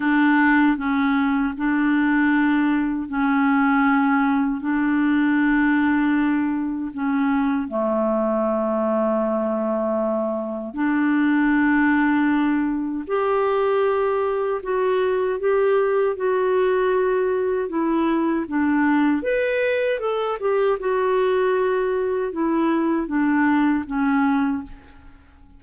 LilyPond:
\new Staff \with { instrumentName = "clarinet" } { \time 4/4 \tempo 4 = 78 d'4 cis'4 d'2 | cis'2 d'2~ | d'4 cis'4 a2~ | a2 d'2~ |
d'4 g'2 fis'4 | g'4 fis'2 e'4 | d'4 b'4 a'8 g'8 fis'4~ | fis'4 e'4 d'4 cis'4 | }